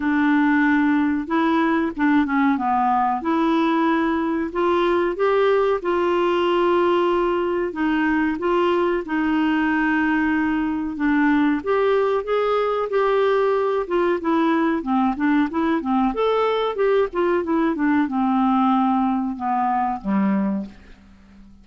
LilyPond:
\new Staff \with { instrumentName = "clarinet" } { \time 4/4 \tempo 4 = 93 d'2 e'4 d'8 cis'8 | b4 e'2 f'4 | g'4 f'2. | dis'4 f'4 dis'2~ |
dis'4 d'4 g'4 gis'4 | g'4. f'8 e'4 c'8 d'8 | e'8 c'8 a'4 g'8 f'8 e'8 d'8 | c'2 b4 g4 | }